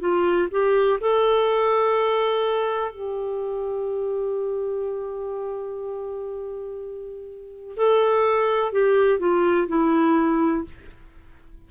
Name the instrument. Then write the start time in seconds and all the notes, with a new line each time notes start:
clarinet
0.00 F4
0.51 G4
1.01 A4
2.92 G4
7.77 A4
8.73 G4
9.20 F4
9.68 E4